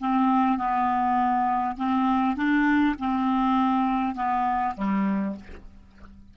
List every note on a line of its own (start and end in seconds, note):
0.00 0.58 C4
0.58 1.77 B3
1.77 2.36 C4
2.36 2.96 D4
2.99 4.15 C4
4.15 4.75 B3
4.76 5.36 G3